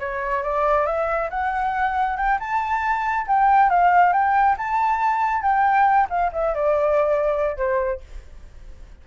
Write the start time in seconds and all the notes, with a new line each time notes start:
0.00 C#5
0.43 D5
0.86 E5
1.31 F#5
2.17 G5
2.40 A5
3.28 G5
3.70 F5
4.13 G5
4.58 A5
5.42 G5
6.10 F5
6.33 E5
6.55 D5
7.57 C5